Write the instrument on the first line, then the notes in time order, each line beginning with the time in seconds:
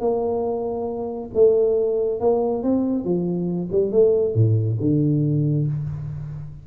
tuba
0.00 A#3
1.34 A3
2.20 A#3
2.63 C4
3.04 F3
3.72 G3
3.92 A3
4.34 A2
4.80 D3